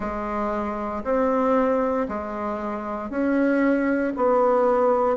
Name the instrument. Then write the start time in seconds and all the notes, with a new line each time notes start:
bassoon
0.00 G#3
1.03 C4
2.08 G#3
3.09 C#4
4.16 B3